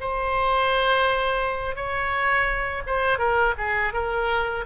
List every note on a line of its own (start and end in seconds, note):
0.00 1.75 C5
1.75 2.82 C#5
2.86 3.18 C5
3.18 3.54 A#4
3.57 3.93 G#4
3.93 4.65 A#4